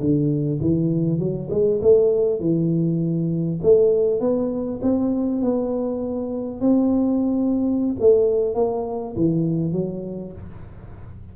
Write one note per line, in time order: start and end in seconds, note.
0.00 0.60 D3
0.60 1.19 E3
1.19 1.49 F#3
1.50 1.80 G#3
1.82 2.40 A3
2.40 3.60 E3
3.62 4.20 A3
4.20 4.80 B3
4.82 5.42 C4
5.42 6.61 B3
6.61 7.96 C4
8.00 8.54 A3
8.54 9.14 A#3
9.16 9.72 E3
9.72 10.32 F#3